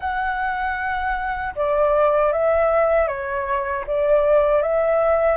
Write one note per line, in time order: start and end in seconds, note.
0.00 1.54 F#5
1.55 2.32 D5
2.32 3.07 E5
3.07 3.84 C#5
3.86 4.62 D5
4.62 5.36 E5